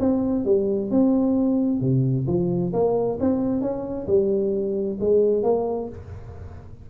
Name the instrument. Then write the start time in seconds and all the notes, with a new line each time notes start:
tuba
0.00 C4
0.45 G3
0.90 C4
1.81 C3
2.27 F3
2.73 A#3
3.20 C4
3.61 C#4
4.07 G3
5.00 G#3
5.43 A#3